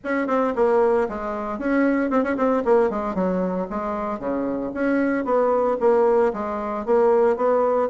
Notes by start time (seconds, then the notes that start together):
0.04 C#4
0.27 C4
0.55 A#3
1.08 G#3
1.58 C#4
2.10 C4
2.23 C#4
2.36 C4
2.65 A#3
2.90 G#3
3.14 F#3
3.70 G#3
4.19 C#3
4.74 C#4
5.24 B3
5.80 A#3
6.33 G#3
6.85 A#3
7.36 B3